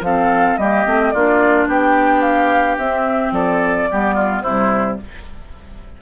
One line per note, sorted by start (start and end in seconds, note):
0.00 0.55 F3
0.00 0.59 C4
0.00 0.60 A4
0.00 0.57 F5
0.57 0.85 G3
0.57 0.86 A#3
0.57 1.13 G4
0.57 1.10 D#5
0.86 1.13 A3
0.86 1.13 C4
1.10 1.67 A#3
1.10 2.80 D4
1.10 1.68 F4
1.10 1.65 D5
1.67 2.77 B3
1.67 3.33 G4
1.67 2.21 G5
2.21 2.76 F5
2.77 3.31 C4
2.77 3.90 C4
2.77 3.33 E5
3.31 3.86 F3
3.31 3.89 A4
3.31 4.42 D5
3.90 4.43 G3
3.90 4.45 B3
3.90 4.14 G4
4.14 4.42 F4
4.42 4.98 C3
4.42 5.01 G3
4.42 4.97 E4
4.42 4.97 C5